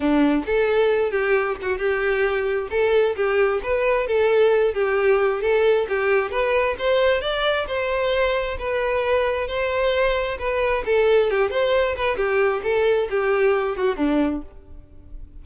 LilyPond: \new Staff \with { instrumentName = "violin" } { \time 4/4 \tempo 4 = 133 d'4 a'4. g'4 fis'8 | g'2 a'4 g'4 | b'4 a'4. g'4. | a'4 g'4 b'4 c''4 |
d''4 c''2 b'4~ | b'4 c''2 b'4 | a'4 g'8 c''4 b'8 g'4 | a'4 g'4. fis'8 d'4 | }